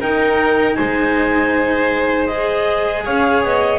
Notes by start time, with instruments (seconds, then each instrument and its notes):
0.00 double bass D#4, cello D#4, violin A#4, clarinet G5
0.75 double bass G#3, violin C5, clarinet G#5
2.26 cello G#4, clarinet D#5
3.04 double bass C#4, violin C#5, clarinet F5
3.44 double bass B3, clarinet D#5